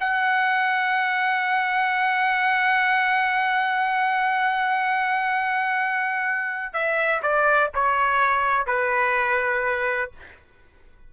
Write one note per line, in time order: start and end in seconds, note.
0.00 6.73 F#5
6.73 7.21 E5
7.22 7.70 D5
7.74 8.66 C#5
8.66 10.12 B4